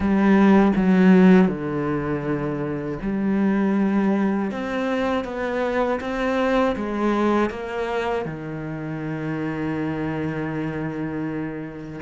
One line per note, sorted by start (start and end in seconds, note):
0.00 0.72 G3
0.76 1.48 F#3
1.48 2.98 D3
3.02 4.51 G3
4.51 5.24 C4
5.24 5.99 B3
6.00 6.75 C4
6.76 7.50 G#3
7.50 8.25 A#3
8.25 12.00 D#3